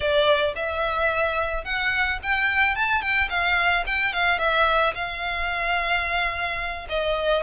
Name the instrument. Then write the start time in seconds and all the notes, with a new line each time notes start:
violin
0.00 D5
0.55 E5
1.64 F#5
2.22 G5
2.75 A5
3.01 G5
3.29 F5
3.86 G5
4.13 F5
4.38 E5
4.94 F5
6.89 D#5